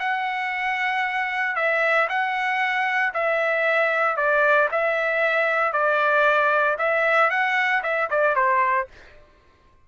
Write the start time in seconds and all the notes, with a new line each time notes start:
0.00 F#5
1.56 E5
2.09 F#5
3.14 E5
4.17 D5
4.72 E5
5.73 D5
6.79 E5
7.31 F#5
7.83 E5
8.11 D5
8.36 C5